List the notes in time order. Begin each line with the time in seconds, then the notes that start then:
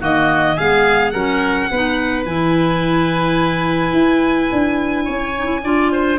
0.00 D#3 A#3 F#4 D#5
0.56 G#3 B3 G#4 F5
1.11 F#3 C#4 A#4 F#5
1.71 B3 D#4 B4
2.25 E3 E4 G#5
3.93 E4
4.52 D4
5.05 C#4 C#5
5.38 D#4
5.46 E4
5.64 D4 F4 D5
5.92 C5